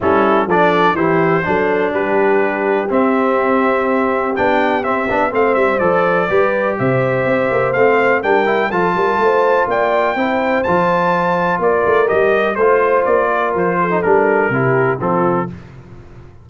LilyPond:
<<
  \new Staff \with { instrumentName = "trumpet" } { \time 4/4 \tempo 4 = 124 a'4 d''4 c''2 | b'2 e''2~ | e''4 g''4 e''4 f''8 e''8 | d''2 e''2 |
f''4 g''4 a''2 | g''2 a''2 | d''4 dis''4 c''4 d''4 | c''4 ais'2 a'4 | }
  \new Staff \with { instrumentName = "horn" } { \time 4/4 e'4 a'4 g'4 a'4 | g'1~ | g'2. c''4~ | c''4 b'4 c''2~ |
c''4 ais'4 a'8 ais'8 c''4 | d''4 c''2. | ais'2 c''4. ais'8~ | ais'8 a'4. g'4 f'4 | }
  \new Staff \with { instrumentName = "trombone" } { \time 4/4 cis'4 d'4 e'4 d'4~ | d'2 c'2~ | c'4 d'4 c'8 d'8 c'4 | a'4 g'2. |
c'4 d'8 e'8 f'2~ | f'4 e'4 f'2~ | f'4 g'4 f'2~ | f'8. dis'16 d'4 e'4 c'4 | }
  \new Staff \with { instrumentName = "tuba" } { \time 4/4 g4 f4 e4 fis4 | g2 c'2~ | c'4 b4 c'8 b8 a8 g8 | f4 g4 c4 c'8 ais8 |
a4 g4 f8 g8 a4 | ais4 c'4 f2 | ais8 a8 g4 a4 ais4 | f4 g4 c4 f4 | }
>>